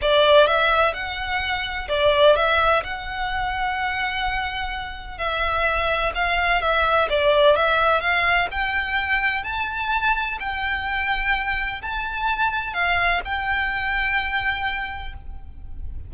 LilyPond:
\new Staff \with { instrumentName = "violin" } { \time 4/4 \tempo 4 = 127 d''4 e''4 fis''2 | d''4 e''4 fis''2~ | fis''2. e''4~ | e''4 f''4 e''4 d''4 |
e''4 f''4 g''2 | a''2 g''2~ | g''4 a''2 f''4 | g''1 | }